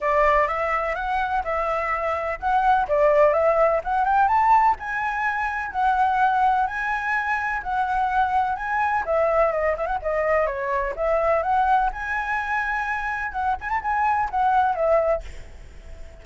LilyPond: \new Staff \with { instrumentName = "flute" } { \time 4/4 \tempo 4 = 126 d''4 e''4 fis''4 e''4~ | e''4 fis''4 d''4 e''4 | fis''8 g''8 a''4 gis''2 | fis''2 gis''2 |
fis''2 gis''4 e''4 | dis''8 e''16 fis''16 dis''4 cis''4 e''4 | fis''4 gis''2. | fis''8 gis''16 a''16 gis''4 fis''4 e''4 | }